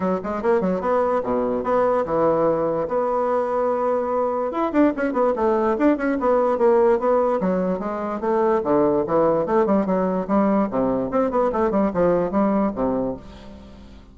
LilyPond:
\new Staff \with { instrumentName = "bassoon" } { \time 4/4 \tempo 4 = 146 fis8 gis8 ais8 fis8 b4 b,4 | b4 e2 b4~ | b2. e'8 d'8 | cis'8 b8 a4 d'8 cis'8 b4 |
ais4 b4 fis4 gis4 | a4 d4 e4 a8 g8 | fis4 g4 c4 c'8 b8 | a8 g8 f4 g4 c4 | }